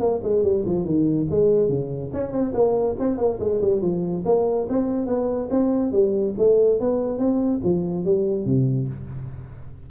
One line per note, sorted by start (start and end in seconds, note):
0.00 0.21 A#3
0.23 0.43 G#3
0.43 0.64 G3
0.66 0.85 F3
0.85 1.27 D#3
1.30 1.69 G#3
1.69 2.11 C#3
2.14 2.32 C#4
2.32 2.53 C4
2.54 2.96 A#3
2.99 3.18 C4
3.18 3.39 A#3
3.40 3.61 G#3
3.61 3.82 G3
3.82 4.24 F3
4.26 4.68 A#3
4.69 5.07 C4
5.07 5.49 B3
5.51 5.92 C4
5.92 6.34 G3
6.38 6.80 A3
6.80 7.19 B3
7.19 7.61 C4
7.64 8.05 F3
8.05 8.45 G3
8.45 8.88 C3